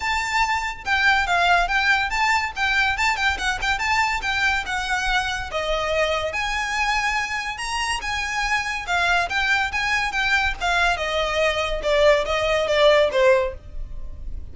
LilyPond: \new Staff \with { instrumentName = "violin" } { \time 4/4 \tempo 4 = 142 a''2 g''4 f''4 | g''4 a''4 g''4 a''8 g''8 | fis''8 g''8 a''4 g''4 fis''4~ | fis''4 dis''2 gis''4~ |
gis''2 ais''4 gis''4~ | gis''4 f''4 g''4 gis''4 | g''4 f''4 dis''2 | d''4 dis''4 d''4 c''4 | }